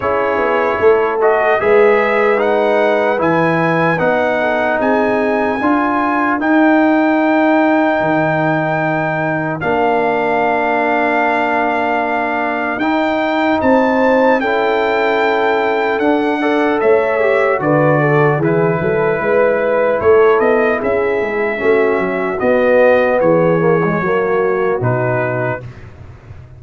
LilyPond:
<<
  \new Staff \with { instrumentName = "trumpet" } { \time 4/4 \tempo 4 = 75 cis''4. dis''8 e''4 fis''4 | gis''4 fis''4 gis''2 | g''1 | f''1 |
g''4 a''4 g''2 | fis''4 e''4 d''4 b'4~ | b'4 cis''8 dis''8 e''2 | dis''4 cis''2 b'4 | }
  \new Staff \with { instrumentName = "horn" } { \time 4/4 gis'4 a'4 b'2~ | b'4. a'8 gis'4 ais'4~ | ais'1~ | ais'1~ |
ais'4 c''4 a'2~ | a'8 d''8 cis''4 b'8 a'8 gis'8 a'8 | b'4 a'4 gis'4 fis'4~ | fis'4 gis'4 fis'2 | }
  \new Staff \with { instrumentName = "trombone" } { \time 4/4 e'4. fis'8 gis'4 dis'4 | e'4 dis'2 f'4 | dis'1 | d'1 |
dis'2 e'2 | d'8 a'4 g'8 fis'4 e'4~ | e'2. cis'4 | b4. ais16 gis16 ais4 dis'4 | }
  \new Staff \with { instrumentName = "tuba" } { \time 4/4 cis'8 b8 a4 gis2 | e4 b4 c'4 d'4 | dis'2 dis2 | ais1 |
dis'4 c'4 cis'2 | d'4 a4 d4 e8 fis8 | gis4 a8 b8 cis'8 gis8 a8 fis8 | b4 e4 fis4 b,4 | }
>>